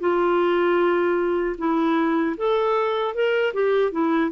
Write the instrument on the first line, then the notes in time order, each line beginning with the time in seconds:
clarinet
0.00 F4
1.58 E4
2.37 A4
3.14 A#4
3.54 G4
3.92 E4